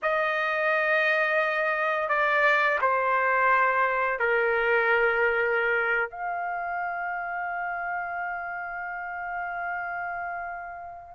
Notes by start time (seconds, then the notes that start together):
0.02 D#5
2.09 D5
2.81 C5
4.19 A#4
6.10 F5